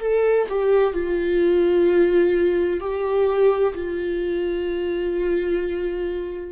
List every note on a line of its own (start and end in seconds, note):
0.00 0.47 A4
0.49 0.94 G4
0.94 2.80 F4
2.80 3.74 G4
3.75 6.52 F4